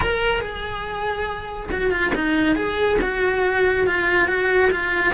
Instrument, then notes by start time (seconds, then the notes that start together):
cello
0.00 A#4
0.41 G#4
1.71 F#4
1.91 F4
2.14 D#4
2.55 G#4
3.01 F#4
3.86 F4
4.27 F#4
4.70 F4